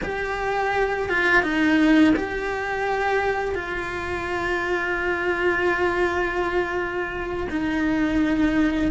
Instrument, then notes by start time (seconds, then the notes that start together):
cello
0.03 G4
1.09 F4
1.42 D#4
2.16 G4
3.55 F4
7.50 D#4